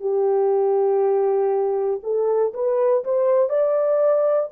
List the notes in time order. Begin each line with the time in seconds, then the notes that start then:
0.00 G4
2.03 A4
2.54 B4
3.04 C5
3.49 D5